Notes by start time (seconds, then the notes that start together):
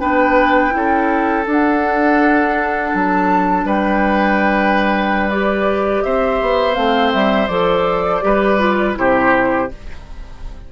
0.00 B3 D4 B4 G5
0.71 C#4 E4
0.77 A4
1.47 D4 F#5
2.95 F#3 A5
3.65 G3 B4 G5
5.30 G4 D5
6.03 C4 C5 E5
6.42 B3
6.75 A3 C4 F5
7.13 G3 E5
7.48 F3 A4 D5
8.22 G3 G4 B4
8.59 F4
8.95 C3 E4 G4 C5